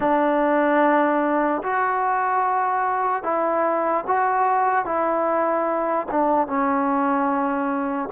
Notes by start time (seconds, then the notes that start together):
0.00 D4
1.63 F#4
3.23 E4
4.07 F#4
4.85 E4
6.11 D4
6.47 C#4